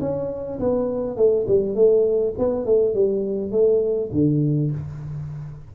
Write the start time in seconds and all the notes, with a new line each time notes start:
0.00 C#4
0.59 B3
1.16 A3
1.47 G3
1.75 A3
2.38 B3
2.66 A3
2.94 G3
3.51 A3
4.12 D3